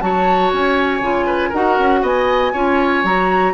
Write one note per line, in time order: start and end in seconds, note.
0.00 0.52 F#3
0.00 1.01 F#4
0.00 1.26 C#5
0.00 0.51 A5
0.52 1.00 C#4
0.52 1.53 G#5
1.00 1.50 C#3
1.00 1.53 F4
1.26 1.49 B4
1.49 1.78 D#4
1.49 2.54 F#4
1.49 1.99 A#4
1.49 2.04 F#5
1.79 2.02 C#4
2.02 2.52 B3
2.02 2.53 D#5
2.02 3.05 G#5
2.53 3.03 C#4
2.53 3.04 F4
2.53 3.53 C#5
3.03 3.53 F#3
3.03 3.53 F#4
3.03 3.53 A#5